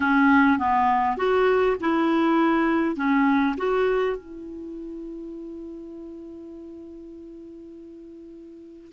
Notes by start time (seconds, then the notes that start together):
0.00 C#4
0.59 B3
1.17 F#4
1.80 E4
2.96 C#4
3.57 F#4
4.17 E4